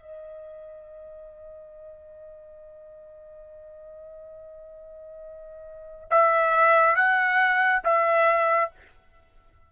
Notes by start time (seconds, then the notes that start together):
0.00 D#5
6.11 E5
6.96 F#5
7.85 E5